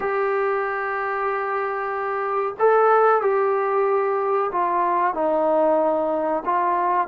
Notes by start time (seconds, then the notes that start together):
0.00 G4
2.59 A4
3.21 G4
4.52 F4
5.13 D#4
6.45 F4